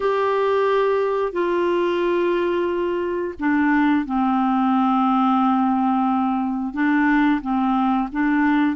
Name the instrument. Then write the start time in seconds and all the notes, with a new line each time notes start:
clarinet
0.00 G4
1.32 F4
3.39 D4
4.05 C4
6.73 D4
7.41 C4
8.12 D4